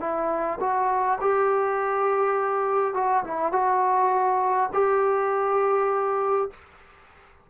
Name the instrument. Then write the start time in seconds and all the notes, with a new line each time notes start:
trombone
0.00 E4
0.60 F#4
1.21 G4
2.94 F#4
3.24 E4
3.52 F#4
4.73 G4